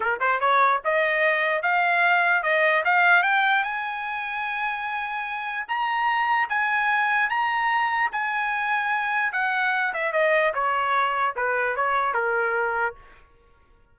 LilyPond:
\new Staff \with { instrumentName = "trumpet" } { \time 4/4 \tempo 4 = 148 ais'8 c''8 cis''4 dis''2 | f''2 dis''4 f''4 | g''4 gis''2.~ | gis''2 ais''2 |
gis''2 ais''2 | gis''2. fis''4~ | fis''8 e''8 dis''4 cis''2 | b'4 cis''4 ais'2 | }